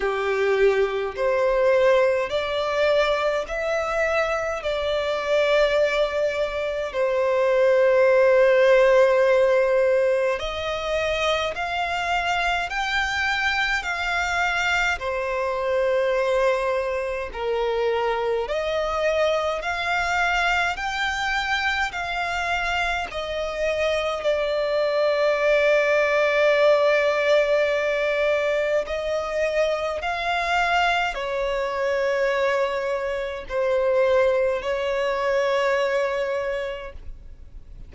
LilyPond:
\new Staff \with { instrumentName = "violin" } { \time 4/4 \tempo 4 = 52 g'4 c''4 d''4 e''4 | d''2 c''2~ | c''4 dis''4 f''4 g''4 | f''4 c''2 ais'4 |
dis''4 f''4 g''4 f''4 | dis''4 d''2.~ | d''4 dis''4 f''4 cis''4~ | cis''4 c''4 cis''2 | }